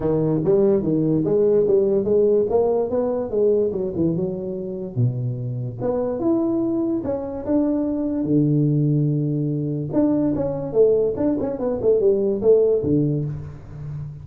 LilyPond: \new Staff \with { instrumentName = "tuba" } { \time 4/4 \tempo 4 = 145 dis4 g4 dis4 gis4 | g4 gis4 ais4 b4 | gis4 fis8 e8 fis2 | b,2 b4 e'4~ |
e'4 cis'4 d'2 | d1 | d'4 cis'4 a4 d'8 cis'8 | b8 a8 g4 a4 d4 | }